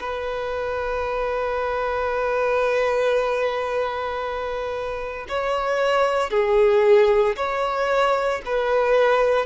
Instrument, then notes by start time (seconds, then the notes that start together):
violin
0.00 B4
5.28 C#5
6.30 G#4
7.36 C#5
8.45 B4